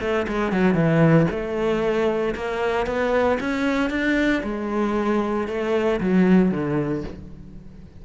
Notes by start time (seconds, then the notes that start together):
0.00 A3
0.27 G#3
0.51 F#3
0.74 E3
1.30 A3
2.35 A#3
2.86 B3
3.40 C#4
3.90 D4
4.43 G#3
5.47 A3
6.00 F#3
6.51 D3